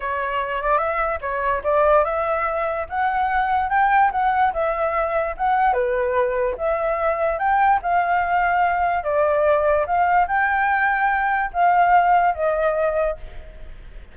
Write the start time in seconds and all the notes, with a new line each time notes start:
0.00 C#5
0.62 D5
0.78 E5
1.21 C#5
1.63 D5
2.04 E5
2.89 F#5
3.69 G5
4.11 F#5
4.53 E5
5.37 F#5
5.73 B4
6.57 E5
7.38 G5
7.82 F5
9.03 D5
9.86 F5
10.27 G5
11.53 F5
12.35 D#5